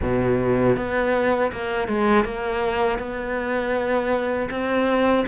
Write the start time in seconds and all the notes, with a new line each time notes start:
0.01 B2
0.76 B3
1.52 A#3
1.88 G#3
2.24 A#3
2.98 B3
4.50 C4